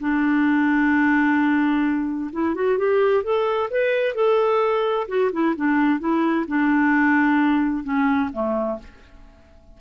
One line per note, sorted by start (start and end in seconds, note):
0.00 2.31 D4
2.32 2.55 E4
2.55 2.78 F#4
2.78 3.23 G4
3.23 3.70 A4
3.70 4.15 B4
4.15 5.07 A4
5.08 5.31 F#4
5.32 5.55 E4
5.56 6.00 D4
6.00 6.46 E4
6.48 7.84 D4
7.84 8.30 C#4
8.33 8.79 A3